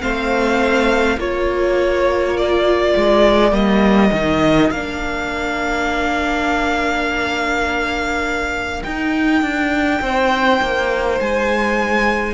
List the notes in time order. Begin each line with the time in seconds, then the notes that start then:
0.00 A3 C4 C5 F5
1.18 A#3 F4 A#4 C#5
2.37 D5
2.97 G#3
3.52 G3 A#3 D#5
4.12 D#3 D#4
4.71 A#3 D4 F5
8.84 D#4 G5
9.42 D4
10.02 C4 C5
10.62 A#3
11.20 G#3 G#5